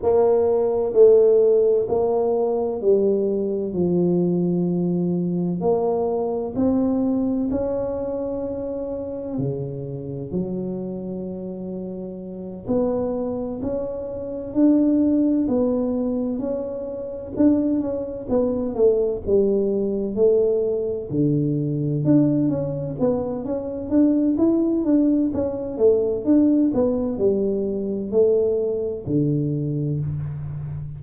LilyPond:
\new Staff \with { instrumentName = "tuba" } { \time 4/4 \tempo 4 = 64 ais4 a4 ais4 g4 | f2 ais4 c'4 | cis'2 cis4 fis4~ | fis4. b4 cis'4 d'8~ |
d'8 b4 cis'4 d'8 cis'8 b8 | a8 g4 a4 d4 d'8 | cis'8 b8 cis'8 d'8 e'8 d'8 cis'8 a8 | d'8 b8 g4 a4 d4 | }